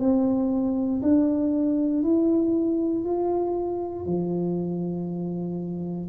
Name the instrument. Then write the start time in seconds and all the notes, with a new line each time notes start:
tuba
0.00 C4
1.03 D4
2.03 E4
3.05 F4
4.06 F3